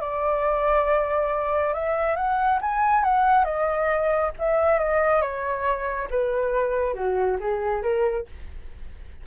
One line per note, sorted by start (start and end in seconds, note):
0.00 1.73 D5
1.73 2.16 E5
2.16 2.59 F#5
2.61 3.03 G#5
3.03 3.44 F#5
3.44 4.31 D#5
4.39 4.79 E5
4.79 5.21 D#5
5.21 6.08 C#5
6.10 6.94 B4
6.94 7.37 F#4
7.40 7.82 G#4
7.82 8.26 A#4